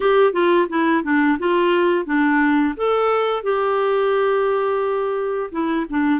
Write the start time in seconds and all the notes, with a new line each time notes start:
0.00 G4
0.33 F4
0.69 E4
1.03 D4
1.38 F4
2.05 D4
2.76 A4
3.43 G4
5.51 E4
5.89 D4